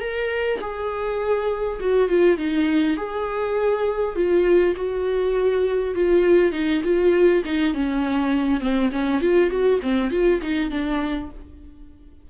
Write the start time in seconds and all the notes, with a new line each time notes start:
0.00 A#4
0.61 G#4
1.80 F#4
2.09 F4
2.38 D#4
2.97 G#4
4.15 F4
4.76 F#4
5.95 F4
6.52 D#4
6.84 F4
7.44 D#4
7.74 C#4
8.60 C4
8.92 C#4
9.21 F4
9.50 F#4
9.82 C4
10.11 F4
10.42 D#4
10.70 D4